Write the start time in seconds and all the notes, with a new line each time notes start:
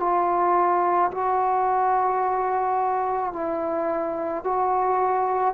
0.00 F4
1.12 F#4
3.33 E4
4.44 F#4